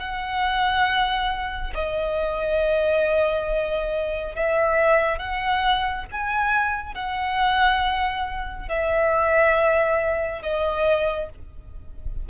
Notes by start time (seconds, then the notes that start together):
0.00 F#5
1.75 D#5
4.36 E5
5.19 F#5
6.12 G#5
6.95 F#5
8.69 E5
10.43 D#5